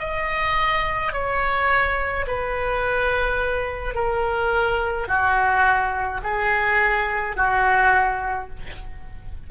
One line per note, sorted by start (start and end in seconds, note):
0.00 1.13 D#5
1.13 2.26 C#5
2.27 3.95 B4
3.95 5.08 A#4
5.08 6.22 F#4
6.24 7.36 G#4
7.36 8.50 F#4